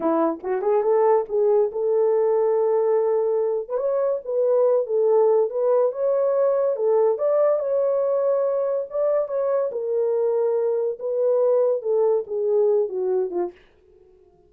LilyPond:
\new Staff \with { instrumentName = "horn" } { \time 4/4 \tempo 4 = 142 e'4 fis'8 gis'8 a'4 gis'4 | a'1~ | a'8. b'16 cis''4 b'4. a'8~ | a'4 b'4 cis''2 |
a'4 d''4 cis''2~ | cis''4 d''4 cis''4 ais'4~ | ais'2 b'2 | a'4 gis'4. fis'4 f'8 | }